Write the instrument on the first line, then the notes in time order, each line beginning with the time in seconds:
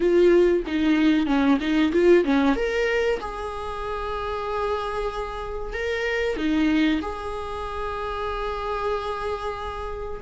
viola
0.00 F4
0.66 D#4
1.26 C#4
1.60 D#4
1.92 F4
2.24 C#4
2.55 A#4
3.19 G#4
5.73 A#4
6.36 D#4
7.01 G#4